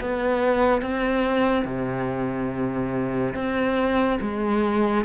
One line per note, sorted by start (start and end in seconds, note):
0.00 0.81 B3
0.81 1.65 C4
1.65 3.34 C3
3.34 4.19 C4
4.21 5.05 G#3